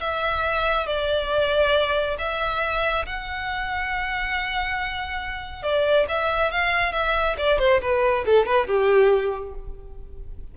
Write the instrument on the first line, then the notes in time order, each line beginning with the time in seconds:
violin
0.00 E5
0.86 D5
2.19 E5
3.06 F#5
5.63 D5
6.08 E5
6.51 F5
6.92 E5
7.38 D5
7.59 C5
7.81 B4
8.25 A4
8.46 B4
8.67 G4